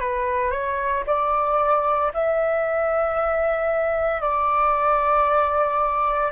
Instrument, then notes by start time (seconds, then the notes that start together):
flute
0.00 B4
0.51 C#5
1.06 D5
2.13 E5
4.21 D5